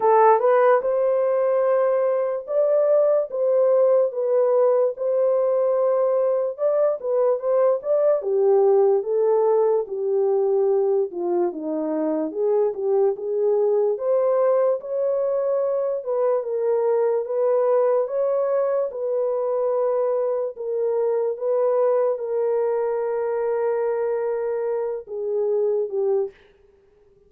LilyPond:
\new Staff \with { instrumentName = "horn" } { \time 4/4 \tempo 4 = 73 a'8 b'8 c''2 d''4 | c''4 b'4 c''2 | d''8 b'8 c''8 d''8 g'4 a'4 | g'4. f'8 dis'4 gis'8 g'8 |
gis'4 c''4 cis''4. b'8 | ais'4 b'4 cis''4 b'4~ | b'4 ais'4 b'4 ais'4~ | ais'2~ ais'8 gis'4 g'8 | }